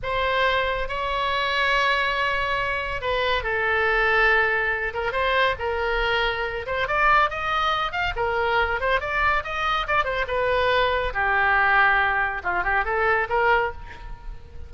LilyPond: \new Staff \with { instrumentName = "oboe" } { \time 4/4 \tempo 4 = 140 c''2 cis''2~ | cis''2. b'4 | a'2.~ a'8 ais'8 | c''4 ais'2~ ais'8 c''8 |
d''4 dis''4. f''8 ais'4~ | ais'8 c''8 d''4 dis''4 d''8 c''8 | b'2 g'2~ | g'4 f'8 g'8 a'4 ais'4 | }